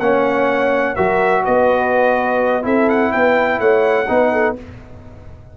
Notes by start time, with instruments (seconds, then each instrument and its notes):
0.00 tuba A#3, trombone C#4, horn C#5, trumpet F#5
0.95 tuba F#3, trombone F#4, horn A#4, trumpet E5
1.45 tuba B3, horn B4, trumpet D#5
2.63 tuba C4, trombone E4, horn A4, trumpet E5
2.90 trumpet F#5
3.12 tuba B3, horn B4, trumpet G5
3.60 tuba A3, horn C#5, trumpet F#5
4.08 tuba B3, trombone D#4, horn B4
4.33 horn A4